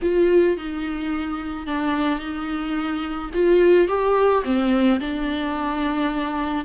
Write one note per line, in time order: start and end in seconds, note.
0.02 0.57 F4
0.57 1.67 D#4
1.67 2.19 D4
2.19 3.30 D#4
3.33 3.88 F4
3.88 4.43 G4
4.44 4.99 C4
5.00 6.64 D4